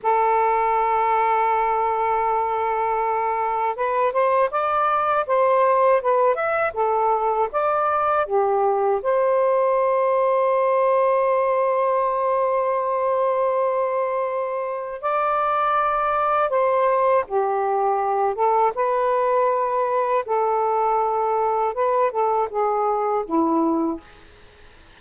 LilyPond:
\new Staff \with { instrumentName = "saxophone" } { \time 4/4 \tempo 4 = 80 a'1~ | a'4 b'8 c''8 d''4 c''4 | b'8 e''8 a'4 d''4 g'4 | c''1~ |
c''1 | d''2 c''4 g'4~ | g'8 a'8 b'2 a'4~ | a'4 b'8 a'8 gis'4 e'4 | }